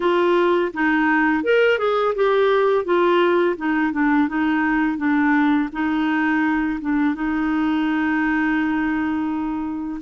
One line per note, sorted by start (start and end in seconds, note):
0.00 0.71 F4
0.73 1.43 D#4
1.43 1.78 A#4
1.78 2.14 G#4
2.15 2.84 G4
2.84 3.56 F4
3.56 3.92 D#4
3.92 4.28 D4
4.28 4.97 D#4
4.97 5.69 D4
5.72 6.79 D#4
6.80 7.15 D4
7.15 10.00 D#4